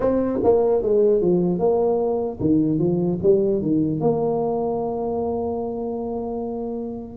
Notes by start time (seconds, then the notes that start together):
0.00 C4
0.43 A#3
0.82 G#3
1.21 F3
1.58 A#3
2.40 D#3
2.79 F3
3.22 G3
3.61 D#3
4.00 A#3